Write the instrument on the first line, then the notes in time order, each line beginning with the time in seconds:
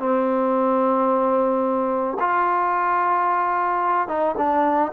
trombone
0.00 C4
2.20 F4
4.08 D#4
4.38 D4